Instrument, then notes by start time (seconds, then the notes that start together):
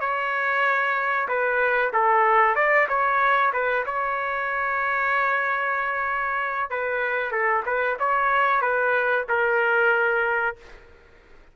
trumpet
0.00 C#5
1.28 B4
1.93 A4
2.55 D5
2.88 C#5
3.53 B4
3.86 C#5
6.70 B4
7.31 A4
7.66 B4
7.99 C#5
8.61 B4
9.28 A#4